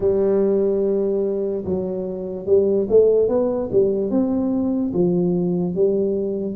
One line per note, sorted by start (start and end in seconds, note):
0.00 1.64 G3
1.64 2.45 F#3
2.45 2.87 G3
2.90 3.28 A3
3.28 3.69 B3
3.72 4.10 G3
4.10 4.92 C4
4.93 5.74 F3
5.74 6.56 G3